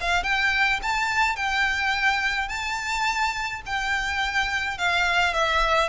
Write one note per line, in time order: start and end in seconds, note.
0.00 0.23 F5
0.23 0.80 G5
0.82 1.36 A5
1.36 2.48 G5
2.48 3.61 A5
3.66 4.78 G5
4.78 5.33 F5
5.33 5.88 E5